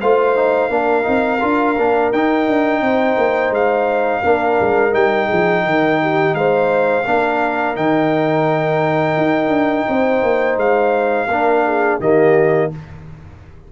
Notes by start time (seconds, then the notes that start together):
0.00 A3 F4 C5 F5
0.36 D#4
0.69 A#3 D4 A#4
1.03 C4 D#4
1.40 D4 F4
1.78 A#3 D4
2.12 D#4 G5
2.48 D4
2.81 C4 C5
3.17 A#3
3.50 G#3 F5
4.21 A#3 D4 A#4
4.61 G#3
4.91 G3 D#4 G5
5.26 G#4
5.32 F3
5.66 D#3 A#4
6.02 G4
6.34 G#3 C5 F5
7.05 A#3 D4 A#4
7.75 D#3 D#4 G5
9.17 D#4
9.48 D4
9.88 C4 C5
10.23 A#3
10.57 G#3 F5
11.28 A#3 D4 A#4
11.66 G#4
12.00 D#3 A#3 G4 D#5